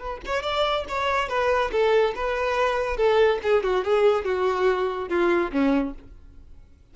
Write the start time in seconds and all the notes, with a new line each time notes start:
0.00 B4
0.26 C#5
0.43 D5
0.89 C#5
1.29 B4
1.72 A4
2.15 B4
2.97 A4
3.43 G#4
3.63 F#4
3.85 G#4
4.25 F#4
5.09 F4
5.52 C#4